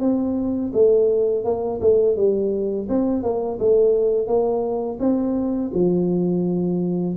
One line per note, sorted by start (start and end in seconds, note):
0.00 0.71 C4
0.73 1.44 A3
1.44 1.80 A#3
1.81 2.16 A3
2.16 2.88 G3
2.89 3.23 C4
3.23 3.58 A#3
3.59 4.27 A3
4.27 4.98 A#3
5.00 5.71 C4
5.73 7.16 F3